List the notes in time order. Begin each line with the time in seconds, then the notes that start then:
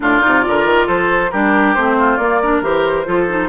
0.00 A#2 D4 F4 D5
0.20 C3 D#4
0.42 D3 F4 A#4
0.64 D#3
0.86 F3 A4 C5
1.30 G3 D4 G4 A#4
1.74 A3 C4 C5
1.97 F4
2.16 A#3 D5
2.41 D4 A#4
2.61 E3 G4 C5
3.05 F3 F4 A4
3.28 D#4